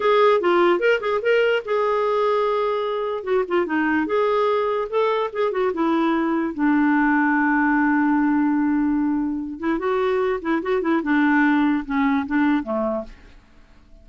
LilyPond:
\new Staff \with { instrumentName = "clarinet" } { \time 4/4 \tempo 4 = 147 gis'4 f'4 ais'8 gis'8 ais'4 | gis'1 | fis'8 f'8 dis'4 gis'2 | a'4 gis'8 fis'8 e'2 |
d'1~ | d'2.~ d'8 e'8 | fis'4. e'8 fis'8 e'8 d'4~ | d'4 cis'4 d'4 a4 | }